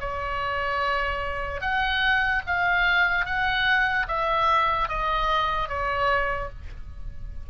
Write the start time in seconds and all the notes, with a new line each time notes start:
0.00 C#5
1.61 F#5
2.47 F5
3.25 F#5
4.08 E5
4.88 D#5
5.68 C#5